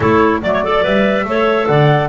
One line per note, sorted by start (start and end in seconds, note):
0.00 0.42 A3
0.00 0.42 E4
0.00 0.41 A4
0.00 0.40 C#5
0.42 0.84 F#3
0.42 0.64 A3
0.42 0.53 D5
0.42 0.85 D5
0.53 0.63 C#5
0.64 0.83 A4
0.64 1.27 D5
0.83 1.24 G3
0.83 1.25 B4
0.83 1.66 E5
1.24 1.66 A3
1.24 2.08 A4
1.24 1.69 C#5
1.66 2.08 D3
1.66 2.08 D5
1.66 2.08 F#5